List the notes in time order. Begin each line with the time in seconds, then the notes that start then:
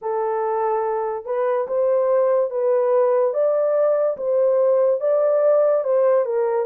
0.01 A4
1.25 B4
1.67 C5
2.50 B4
3.33 D5
4.17 C5
5.00 D5
5.83 C5
6.25 A#4